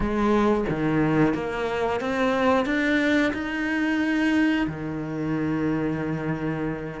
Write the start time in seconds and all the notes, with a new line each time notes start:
0.00 G#3
0.69 D#3
1.33 A#3
2.00 C4
2.65 D4
3.33 D#4
4.67 D#3